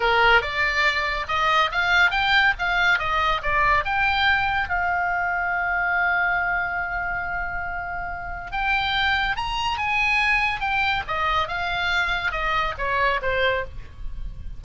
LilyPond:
\new Staff \with { instrumentName = "oboe" } { \time 4/4 \tempo 4 = 141 ais'4 d''2 dis''4 | f''4 g''4 f''4 dis''4 | d''4 g''2 f''4~ | f''1~ |
f''1 | g''2 ais''4 gis''4~ | gis''4 g''4 dis''4 f''4~ | f''4 dis''4 cis''4 c''4 | }